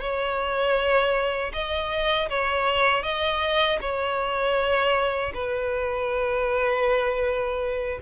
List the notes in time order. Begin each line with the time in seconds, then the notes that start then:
0.00 C#5
1.53 D#5
2.29 C#5
3.02 D#5
3.80 C#5
5.33 B4